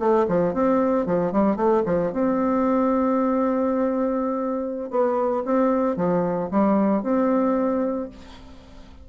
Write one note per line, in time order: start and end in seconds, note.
0.00 0.27 A3
0.28 0.54 F3
0.54 1.06 C4
1.06 1.32 F3
1.32 1.57 G3
1.57 1.83 A3
1.86 2.13 F3
2.13 4.91 C4
4.91 5.44 B3
5.45 5.97 C4
5.97 6.50 F3
6.51 7.03 G3
7.03 8.09 C4